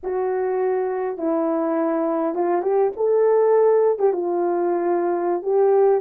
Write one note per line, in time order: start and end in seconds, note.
0.03 1.17 F#4
1.17 2.34 E4
2.34 2.62 F4
2.62 2.91 G4
2.96 3.98 A4
3.98 4.12 G4
4.12 5.42 F4
5.42 6.00 G4